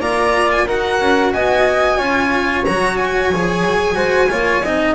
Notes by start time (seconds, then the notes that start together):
0.00 A#3 F4 D5 A#5
0.51 G#5
0.66 D#4 F#4 A#4 F#5
1.00 C#4
1.34 B3 D#5 G#5
1.98 C#4 F4 C#5
2.65 F#3 F#4 A#5
2.97 G#5
3.33 F3 G#4
3.63 F#3
3.95 G#3 F#4 C5
4.30 A#3 F4 C#5
4.62 C4 D#4 D#5